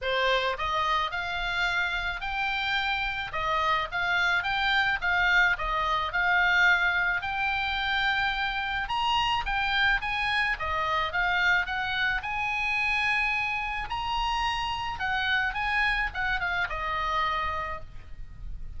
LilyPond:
\new Staff \with { instrumentName = "oboe" } { \time 4/4 \tempo 4 = 108 c''4 dis''4 f''2 | g''2 dis''4 f''4 | g''4 f''4 dis''4 f''4~ | f''4 g''2. |
ais''4 g''4 gis''4 dis''4 | f''4 fis''4 gis''2~ | gis''4 ais''2 fis''4 | gis''4 fis''8 f''8 dis''2 | }